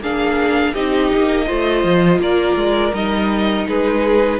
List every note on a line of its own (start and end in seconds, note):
0.00 0.73 A#3
0.00 0.75 D4
0.00 0.73 G#4
0.00 0.74 F5
0.73 1.11 C4
0.73 1.47 D#4
0.73 1.46 G4
0.73 2.20 D#5
1.14 1.50 A#3
1.46 1.84 A3
1.46 2.93 F4
1.46 2.20 C5
1.84 2.19 F3
2.19 2.55 A#3
2.19 3.68 A#4
2.19 2.94 D5
2.55 2.92 G#3
2.93 3.66 G3
2.93 4.39 D#4
2.93 3.67 D#5
3.68 4.39 G#3
3.68 4.39 G#4
3.68 4.39 B4